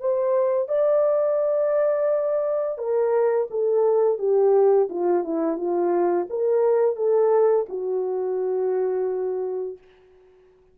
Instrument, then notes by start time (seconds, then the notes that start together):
horn
0.00 C5
0.68 D5
2.78 A#4
3.51 A4
4.19 G4
4.90 F4
5.24 E4
5.57 F4
6.29 A#4
6.96 A4
7.69 F#4